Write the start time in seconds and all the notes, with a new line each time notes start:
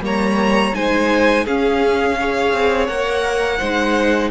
0.00 G3 A#3 C#5 A#5
0.73 G#3 D#4 C5 G#5
1.44 C#4 G#4 F5
2.19 G#4 C#5
2.53 C4
2.86 A#3 A#4 F#5
3.58 G#3 D#4 C5